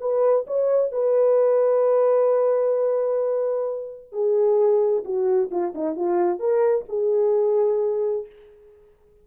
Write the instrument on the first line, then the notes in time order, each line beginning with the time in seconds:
horn
0.00 B4
0.47 C#5
0.92 B4
4.12 G#4
5.04 F#4
5.51 F4
5.74 D#4
5.96 F4
6.39 A#4
6.88 G#4